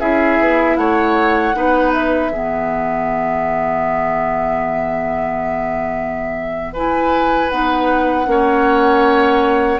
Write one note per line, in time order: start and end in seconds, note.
0.00 0.39 C#4
0.00 1.54 E4
0.00 0.77 G#4
0.00 0.77 E5
0.39 0.77 B3
0.77 1.54 A3
0.77 1.56 C#5
0.77 1.92 F#5
1.54 2.32 B3
1.54 2.31 D#4
1.54 2.33 B4
1.93 6.74 E5
2.32 7.51 E3
2.32 6.76 B3
2.32 6.73 G#4
6.73 7.51 E4
6.73 8.27 B4
6.73 7.50 G#5
7.50 8.27 B3
7.50 8.26 D#4
7.50 9.80 F#5
8.26 9.80 A#3
8.26 9.80 C#4
8.26 9.80 C#5